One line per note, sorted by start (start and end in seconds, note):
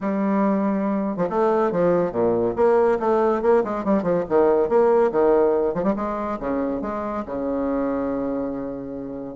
0.00 1.16 G3
1.16 1.27 F3
1.29 1.71 A3
1.71 2.11 F3
2.11 2.54 A#2
2.55 2.98 A#3
2.99 3.42 A3
3.42 3.63 A#3
3.64 3.84 G#3
3.84 4.02 G3
4.02 4.24 F3
4.28 4.68 D#3
4.68 5.11 A#3
5.11 5.74 D#3
5.74 5.83 F3
5.83 5.94 G3
5.96 6.38 G#3
6.39 6.81 C#3
6.81 7.24 G#3
7.25 9.35 C#3